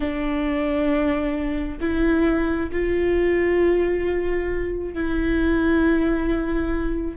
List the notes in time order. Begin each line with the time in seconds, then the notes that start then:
0.00 D4
1.80 E4
2.72 F4
4.93 E4